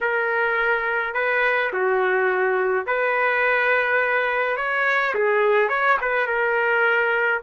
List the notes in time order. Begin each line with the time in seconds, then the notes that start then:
0.00 A#4
1.14 B4
1.72 F#4
2.86 B4
4.56 C#5
5.14 G#4
5.69 C#5
6.01 B4
6.26 A#4